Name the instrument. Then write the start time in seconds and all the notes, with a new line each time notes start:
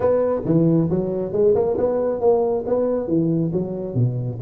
tuba
0.00 B3
0.45 E3
0.89 F#3
1.32 G#3
1.54 A#3
1.77 B3
2.20 A#3
2.66 B3
3.07 E3
3.52 F#3
3.94 B2